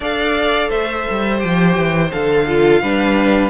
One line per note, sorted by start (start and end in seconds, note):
0.00 0.68 D4
0.00 1.39 A4
0.00 0.68 D5
0.00 0.70 F5
0.68 1.06 A3
0.68 2.45 C5
0.68 1.40 E5
1.09 1.44 G3
1.39 1.76 F3
1.39 2.09 G4
1.39 2.10 G5
1.76 2.11 E3
2.12 2.81 D3
2.12 2.47 A4
2.12 3.50 F5
2.46 2.83 F4
2.46 2.81 A4
2.81 3.50 G3
2.81 3.50 D4
2.81 3.50 B4